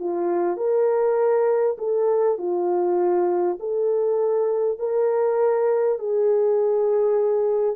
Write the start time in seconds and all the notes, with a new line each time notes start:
0.00 F4
0.57 A#4
1.79 A4
2.38 F4
3.60 A4
4.79 A#4
5.99 G#4